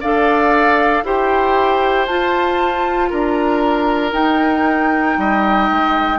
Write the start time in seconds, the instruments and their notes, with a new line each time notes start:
0.00 bassoon D4, clarinet A4, oboe D5, flute F5
1.03 bassoon E4, clarinet G4, oboe C5, flute G5
2.06 bassoon F4, clarinet F4, flute A5
3.09 bassoon D4, oboe A#4, flute A#5
4.12 clarinet D#4, bassoon D#4, flute G5
5.17 bassoon G3, oboe D#5
5.70 bassoon G#3